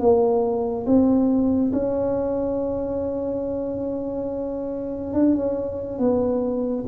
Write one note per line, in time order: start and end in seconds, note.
0.00 0.86 A#3
0.86 1.72 C4
1.73 5.14 C#4
5.14 5.35 D4
5.35 5.99 C#4
5.99 6.85 B3